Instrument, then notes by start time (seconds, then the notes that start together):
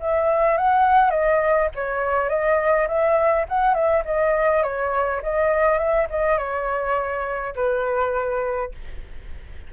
flute
0.00 E5
0.57 F#5
1.10 D#5
1.74 C#5
2.29 D#5
2.87 E5
3.48 F#5
3.74 E5
4.05 D#5
4.63 C#5
5.22 D#5
5.78 E5
6.10 D#5
6.37 C#5
7.55 B4